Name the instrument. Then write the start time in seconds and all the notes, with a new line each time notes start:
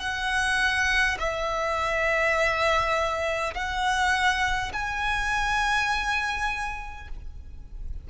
violin
0.00 F#5
1.19 E5
3.54 F#5
4.73 G#5